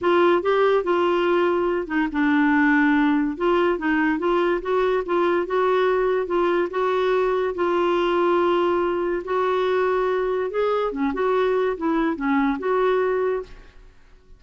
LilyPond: \new Staff \with { instrumentName = "clarinet" } { \time 4/4 \tempo 4 = 143 f'4 g'4 f'2~ | f'8 dis'8 d'2. | f'4 dis'4 f'4 fis'4 | f'4 fis'2 f'4 |
fis'2 f'2~ | f'2 fis'2~ | fis'4 gis'4 cis'8 fis'4. | e'4 cis'4 fis'2 | }